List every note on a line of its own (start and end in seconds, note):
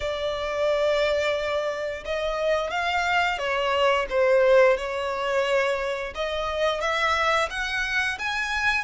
0.00 2.04 D5
2.05 2.70 D#5
2.70 3.38 F5
3.38 4.06 C#5
4.09 4.77 C5
4.77 6.13 C#5
6.15 6.80 D#5
6.80 7.48 E5
7.50 8.18 F#5
8.18 8.84 G#5